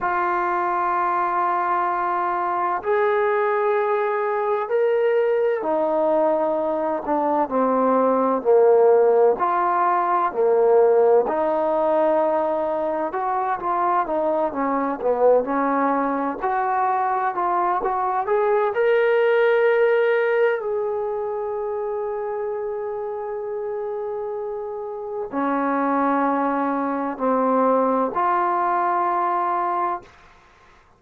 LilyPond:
\new Staff \with { instrumentName = "trombone" } { \time 4/4 \tempo 4 = 64 f'2. gis'4~ | gis'4 ais'4 dis'4. d'8 | c'4 ais4 f'4 ais4 | dis'2 fis'8 f'8 dis'8 cis'8 |
b8 cis'4 fis'4 f'8 fis'8 gis'8 | ais'2 gis'2~ | gis'2. cis'4~ | cis'4 c'4 f'2 | }